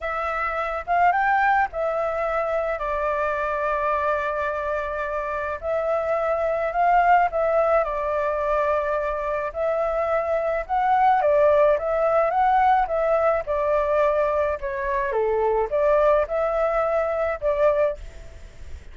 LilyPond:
\new Staff \with { instrumentName = "flute" } { \time 4/4 \tempo 4 = 107 e''4. f''8 g''4 e''4~ | e''4 d''2.~ | d''2 e''2 | f''4 e''4 d''2~ |
d''4 e''2 fis''4 | d''4 e''4 fis''4 e''4 | d''2 cis''4 a'4 | d''4 e''2 d''4 | }